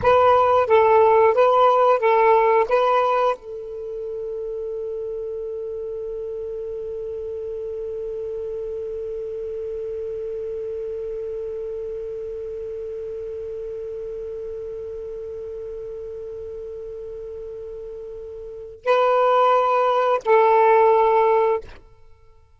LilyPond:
\new Staff \with { instrumentName = "saxophone" } { \time 4/4 \tempo 4 = 89 b'4 a'4 b'4 a'4 | b'4 a'2.~ | a'1~ | a'1~ |
a'1~ | a'1~ | a'1 | b'2 a'2 | }